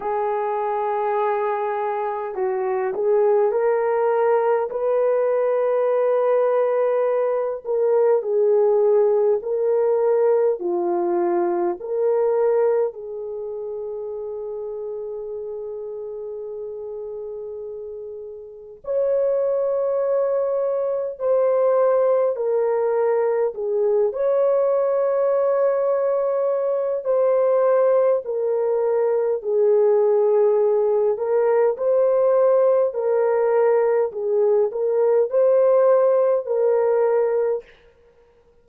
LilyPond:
\new Staff \with { instrumentName = "horn" } { \time 4/4 \tempo 4 = 51 gis'2 fis'8 gis'8 ais'4 | b'2~ b'8 ais'8 gis'4 | ais'4 f'4 ais'4 gis'4~ | gis'1 |
cis''2 c''4 ais'4 | gis'8 cis''2~ cis''8 c''4 | ais'4 gis'4. ais'8 c''4 | ais'4 gis'8 ais'8 c''4 ais'4 | }